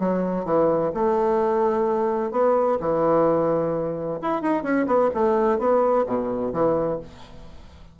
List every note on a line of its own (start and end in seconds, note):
0.00 0.46 F#3
0.46 0.92 E3
0.95 2.32 A3
2.32 2.78 B3
2.81 4.20 E3
4.22 4.42 E4
4.42 4.63 D#4
4.63 4.87 C#4
4.87 5.11 B3
5.15 5.59 A3
5.59 6.06 B3
6.07 6.53 B2
6.53 7.00 E3